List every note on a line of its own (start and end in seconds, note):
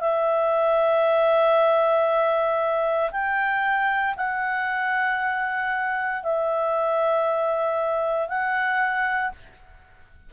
0.00 3.10 E5
3.11 4.15 G5
4.16 6.23 F#5
6.23 8.28 E5
8.28 9.32 F#5